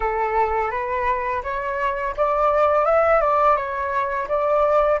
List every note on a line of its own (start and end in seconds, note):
0.00 0.70 A4
0.70 1.42 B4
1.43 2.14 C#5
2.16 2.85 D5
2.85 3.20 E5
3.20 3.56 D5
3.56 4.27 C#5
4.28 4.99 D5